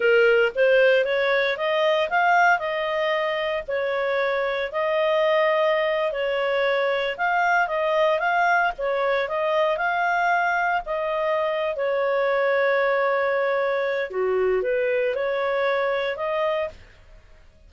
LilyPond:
\new Staff \with { instrumentName = "clarinet" } { \time 4/4 \tempo 4 = 115 ais'4 c''4 cis''4 dis''4 | f''4 dis''2 cis''4~ | cis''4 dis''2~ dis''8. cis''16~ | cis''4.~ cis''16 f''4 dis''4 f''16~ |
f''8. cis''4 dis''4 f''4~ f''16~ | f''8. dis''4.~ dis''16 cis''4.~ | cis''2. fis'4 | b'4 cis''2 dis''4 | }